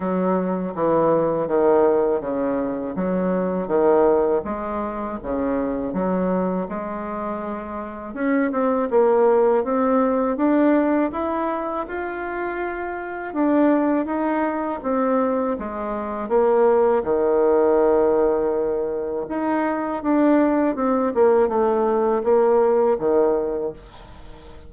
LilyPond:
\new Staff \with { instrumentName = "bassoon" } { \time 4/4 \tempo 4 = 81 fis4 e4 dis4 cis4 | fis4 dis4 gis4 cis4 | fis4 gis2 cis'8 c'8 | ais4 c'4 d'4 e'4 |
f'2 d'4 dis'4 | c'4 gis4 ais4 dis4~ | dis2 dis'4 d'4 | c'8 ais8 a4 ais4 dis4 | }